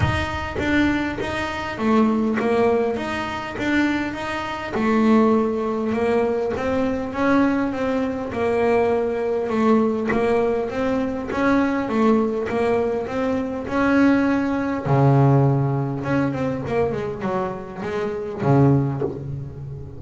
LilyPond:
\new Staff \with { instrumentName = "double bass" } { \time 4/4 \tempo 4 = 101 dis'4 d'4 dis'4 a4 | ais4 dis'4 d'4 dis'4 | a2 ais4 c'4 | cis'4 c'4 ais2 |
a4 ais4 c'4 cis'4 | a4 ais4 c'4 cis'4~ | cis'4 cis2 cis'8 c'8 | ais8 gis8 fis4 gis4 cis4 | }